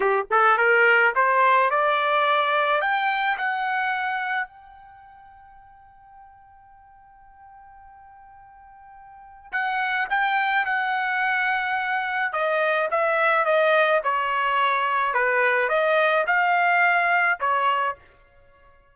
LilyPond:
\new Staff \with { instrumentName = "trumpet" } { \time 4/4 \tempo 4 = 107 g'8 a'8 ais'4 c''4 d''4~ | d''4 g''4 fis''2 | g''1~ | g''1~ |
g''4 fis''4 g''4 fis''4~ | fis''2 dis''4 e''4 | dis''4 cis''2 b'4 | dis''4 f''2 cis''4 | }